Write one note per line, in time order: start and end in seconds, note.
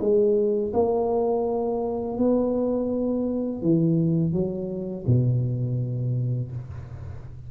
0.00 0.72 G#3
0.73 2.18 A#3
2.18 3.62 B3
3.62 4.32 E3
4.32 5.05 F#3
5.06 6.51 B2